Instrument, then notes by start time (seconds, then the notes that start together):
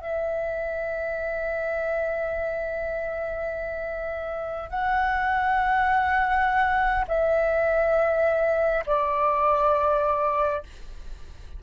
flute
0.00 E5
4.70 F#5
7.07 E5
8.86 D5